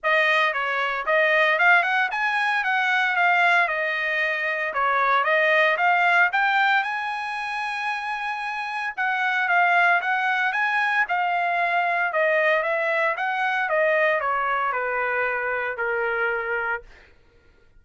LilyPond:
\new Staff \with { instrumentName = "trumpet" } { \time 4/4 \tempo 4 = 114 dis''4 cis''4 dis''4 f''8 fis''8 | gis''4 fis''4 f''4 dis''4~ | dis''4 cis''4 dis''4 f''4 | g''4 gis''2.~ |
gis''4 fis''4 f''4 fis''4 | gis''4 f''2 dis''4 | e''4 fis''4 dis''4 cis''4 | b'2 ais'2 | }